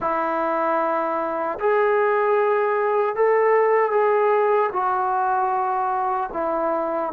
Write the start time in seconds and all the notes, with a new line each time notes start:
0.00 E4
1.59 G#4
3.15 A4
3.90 G#4
4.72 F#4
6.33 E4